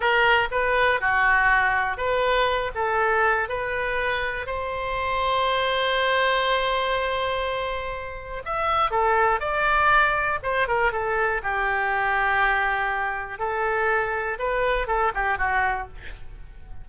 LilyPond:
\new Staff \with { instrumentName = "oboe" } { \time 4/4 \tempo 4 = 121 ais'4 b'4 fis'2 | b'4. a'4. b'4~ | b'4 c''2.~ | c''1~ |
c''4 e''4 a'4 d''4~ | d''4 c''8 ais'8 a'4 g'4~ | g'2. a'4~ | a'4 b'4 a'8 g'8 fis'4 | }